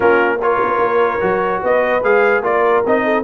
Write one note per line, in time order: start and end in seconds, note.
0.00 0.61 A#3
0.00 0.38 C#4
0.00 0.39 F4
0.00 0.41 A#4
0.42 1.19 F4
0.42 1.62 A#4
0.42 1.63 C#5
0.62 0.78 B3
0.78 1.18 A#3
1.19 1.62 F#3
1.19 2.01 F#4
1.62 2.02 B3
1.62 2.43 B4
1.62 2.03 D#5
2.02 2.40 G#3
2.02 2.43 G#4
2.02 2.44 F5
2.40 2.81 A#3
2.40 2.84 F4
2.40 3.04 A#4
2.40 2.84 D5
2.85 3.23 C4
2.85 3.23 D#4
2.85 3.23 D#5
3.04 3.23 A4